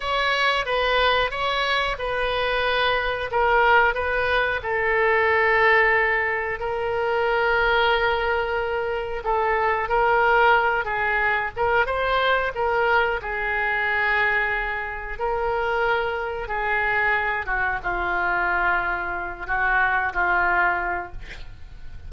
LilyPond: \new Staff \with { instrumentName = "oboe" } { \time 4/4 \tempo 4 = 91 cis''4 b'4 cis''4 b'4~ | b'4 ais'4 b'4 a'4~ | a'2 ais'2~ | ais'2 a'4 ais'4~ |
ais'8 gis'4 ais'8 c''4 ais'4 | gis'2. ais'4~ | ais'4 gis'4. fis'8 f'4~ | f'4. fis'4 f'4. | }